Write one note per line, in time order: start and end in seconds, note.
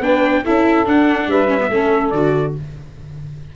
0.00 0.42 B3
0.00 0.44 D4
0.00 0.43 B4
0.00 0.45 G5
0.43 0.86 C#4
0.43 0.85 E4
0.43 1.28 A4
0.43 0.87 E5
0.85 1.48 D4
0.85 1.27 D4
0.85 1.30 F#5
1.27 1.69 G3
1.27 1.71 B4
1.27 2.10 E5
1.48 1.58 C#4
1.60 1.71 B3
1.70 2.12 A3
1.70 2.13 C#4
1.70 2.55 A4
2.10 2.54 D3
2.10 2.55 F#4
2.10 2.53 D5